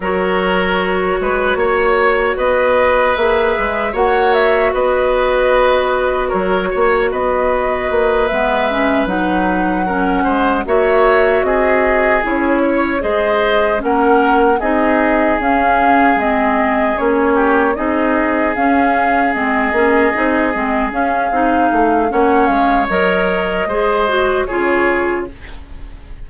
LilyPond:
<<
  \new Staff \with { instrumentName = "flute" } { \time 4/4 \tempo 4 = 76 cis''2. dis''4 | e''4 fis''8 e''8 dis''2 | cis''4 dis''4. e''4 fis''8~ | fis''4. e''4 dis''4 cis''8~ |
cis''8 dis''4 fis''4 dis''4 f''8~ | f''8 dis''4 cis''4 dis''4 f''8~ | f''8 dis''2 f''4. | fis''8 f''8 dis''2 cis''4 | }
  \new Staff \with { instrumentName = "oboe" } { \time 4/4 ais'4. b'8 cis''4 b'4~ | b'4 cis''4 b'2 | ais'8 cis''8 b'2.~ | b'8 ais'8 c''8 cis''4 gis'4. |
cis''8 c''4 ais'4 gis'4.~ | gis'2 g'8 gis'4.~ | gis'1 | cis''2 c''4 gis'4 | }
  \new Staff \with { instrumentName = "clarinet" } { \time 4/4 fis'1 | gis'4 fis'2.~ | fis'2~ fis'8 b8 cis'8 dis'8~ | dis'8 cis'4 fis'2 e'8~ |
e'8 gis'4 cis'4 dis'4 cis'8~ | cis'8 c'4 cis'4 dis'4 cis'8~ | cis'8 c'8 cis'8 dis'8 c'8 cis'8 dis'4 | cis'4 ais'4 gis'8 fis'8 f'4 | }
  \new Staff \with { instrumentName = "bassoon" } { \time 4/4 fis4. gis8 ais4 b4 | ais8 gis8 ais4 b2 | fis8 ais8 b4 ais8 gis4 fis8~ | fis4 gis8 ais4 c'4 cis'8~ |
cis'8 gis4 ais4 c'4 cis'8~ | cis'8 gis4 ais4 c'4 cis'8~ | cis'8 gis8 ais8 c'8 gis8 cis'8 c'8 a8 | ais8 gis8 fis4 gis4 cis4 | }
>>